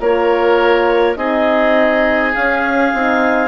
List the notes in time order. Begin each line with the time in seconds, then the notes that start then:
0.00 A#3 F4 A#4 C#5
1.16 C4 D#4 G#4 D#5
2.34 C#4 F5
2.94 C4 D#4